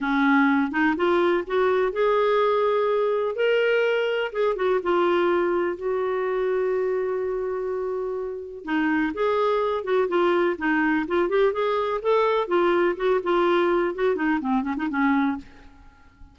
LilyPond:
\new Staff \with { instrumentName = "clarinet" } { \time 4/4 \tempo 4 = 125 cis'4. dis'8 f'4 fis'4 | gis'2. ais'4~ | ais'4 gis'8 fis'8 f'2 | fis'1~ |
fis'2 dis'4 gis'4~ | gis'8 fis'8 f'4 dis'4 f'8 g'8 | gis'4 a'4 f'4 fis'8 f'8~ | f'4 fis'8 dis'8 c'8 cis'16 dis'16 cis'4 | }